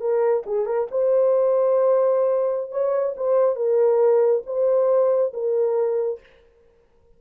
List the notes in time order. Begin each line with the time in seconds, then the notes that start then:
0.00 A#4
0.46 G#4
0.66 A#4
0.91 C5
2.71 C#5
3.16 C5
3.56 A#4
4.46 C5
5.33 A#4